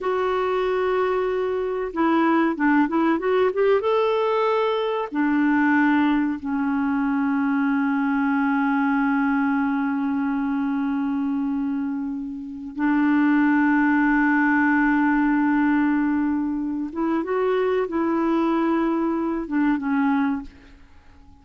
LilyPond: \new Staff \with { instrumentName = "clarinet" } { \time 4/4 \tempo 4 = 94 fis'2. e'4 | d'8 e'8 fis'8 g'8 a'2 | d'2 cis'2~ | cis'1~ |
cis'1 | d'1~ | d'2~ d'8 e'8 fis'4 | e'2~ e'8 d'8 cis'4 | }